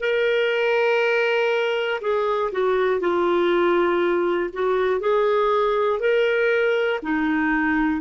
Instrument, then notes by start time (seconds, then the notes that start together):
clarinet
0.00 A#4
2.01 G#4
2.52 F#4
3.00 F4
4.53 F#4
5.00 G#4
6.00 A#4
7.02 D#4